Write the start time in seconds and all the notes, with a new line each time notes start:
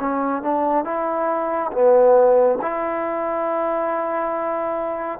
0.00 C#4
0.43 D4
0.85 E4
1.72 B3
2.62 E4